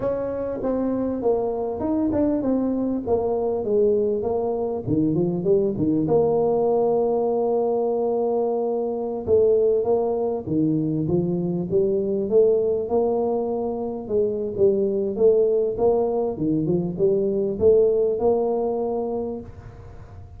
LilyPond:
\new Staff \with { instrumentName = "tuba" } { \time 4/4 \tempo 4 = 99 cis'4 c'4 ais4 dis'8 d'8 | c'4 ais4 gis4 ais4 | dis8 f8 g8 dis8 ais2~ | ais2.~ ais16 a8.~ |
a16 ais4 dis4 f4 g8.~ | g16 a4 ais2 gis8. | g4 a4 ais4 dis8 f8 | g4 a4 ais2 | }